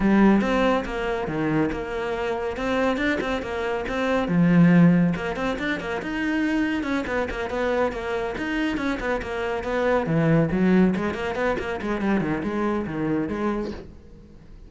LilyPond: \new Staff \with { instrumentName = "cello" } { \time 4/4 \tempo 4 = 140 g4 c'4 ais4 dis4 | ais2 c'4 d'8 c'8 | ais4 c'4 f2 | ais8 c'8 d'8 ais8 dis'2 |
cis'8 b8 ais8 b4 ais4 dis'8~ | dis'8 cis'8 b8 ais4 b4 e8~ | e8 fis4 gis8 ais8 b8 ais8 gis8 | g8 dis8 gis4 dis4 gis4 | }